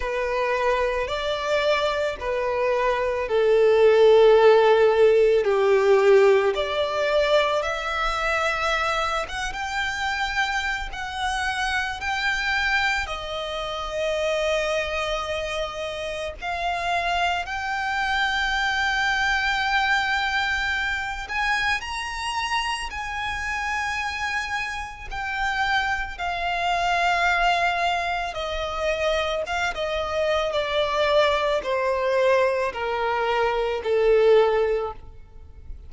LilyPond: \new Staff \with { instrumentName = "violin" } { \time 4/4 \tempo 4 = 55 b'4 d''4 b'4 a'4~ | a'4 g'4 d''4 e''4~ | e''8 fis''16 g''4~ g''16 fis''4 g''4 | dis''2. f''4 |
g''2.~ g''8 gis''8 | ais''4 gis''2 g''4 | f''2 dis''4 f''16 dis''8. | d''4 c''4 ais'4 a'4 | }